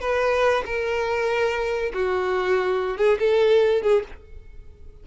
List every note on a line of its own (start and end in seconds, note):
0.00 0.63 B4
0.65 1.92 A#4
1.93 2.97 F#4
2.97 3.18 G#4
3.19 3.82 A4
3.82 4.03 G#4